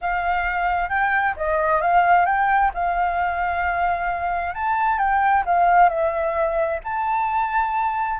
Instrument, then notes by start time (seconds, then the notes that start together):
flute
0.01 F5
0.89 G5
1.36 D#5
1.81 F5
2.25 G5
2.74 F5
4.54 A5
4.98 G5
5.45 F5
5.89 E5
6.83 A5